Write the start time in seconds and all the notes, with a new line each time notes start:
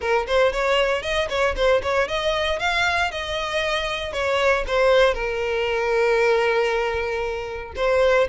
0.00 A#4
0.26 C5
0.52 C#5
1.02 D#5
1.29 C#5
1.55 C5
1.82 C#5
2.07 D#5
2.59 F5
3.11 D#5
4.12 C#5
4.67 C5
5.14 A#4
7.76 C5